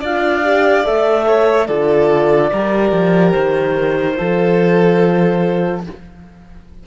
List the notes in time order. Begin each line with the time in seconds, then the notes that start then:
0.00 D4 F4 D5 F5
0.44 G4
0.84 A3 A4 E5
1.27 C#5
1.67 D3 F4 A4 D5
2.52 G3 G4 A#4
2.92 F3
3.31 D#3 C5
4.16 F3 F4 A4